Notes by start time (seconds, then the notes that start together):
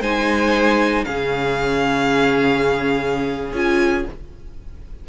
0.00 G#3 D#4 C5 G#5
1.04 C#3 C#4 G#4 F5
3.52 C#4 F4 G#5